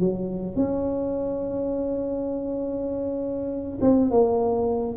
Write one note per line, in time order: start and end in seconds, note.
0.00 0.56 F#3
0.56 3.80 C#4
3.82 4.11 C4
4.11 4.97 A#3